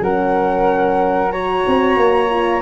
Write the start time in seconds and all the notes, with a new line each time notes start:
0.00 F#3 C#4 A#4 F#5
1.30 F#4 C#5 A#5
1.66 C4
1.96 A#3
2.30 F4